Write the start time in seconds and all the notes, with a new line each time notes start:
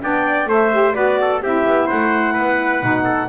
0.00 B3 D4 D5 G5
0.46 A3 A4 C5
0.52 E5
0.72 G4
0.93 B3 F#4 B4 D5
1.20 A4
1.41 C4 E4 G4 E5
1.66 B3
1.86 A3 C5 F#5
2.33 B3 B4
2.81 B2 D#4
3.04 A4